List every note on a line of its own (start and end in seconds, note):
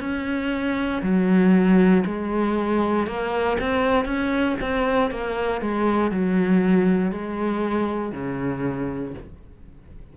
0.00 1.02 C#4
1.03 2.04 F#3
2.05 3.06 G#3
3.06 3.57 A#3
3.60 4.05 C4
4.05 4.56 C#4
4.61 5.11 C4
5.11 5.61 A#3
5.61 6.11 G#3
6.11 7.12 F#3
7.12 8.12 G#3
8.12 9.14 C#3